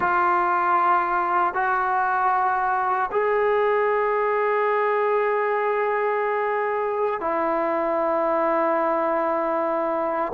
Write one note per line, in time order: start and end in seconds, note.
0.00 1.54 F4
1.54 3.10 F#4
3.11 7.20 G#4
7.20 10.32 E4